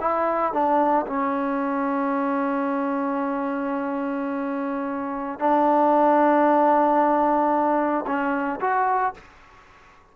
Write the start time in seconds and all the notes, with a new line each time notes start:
0.00 E4
0.53 D4
1.06 C#4
5.39 D4
8.06 C#4
8.60 F#4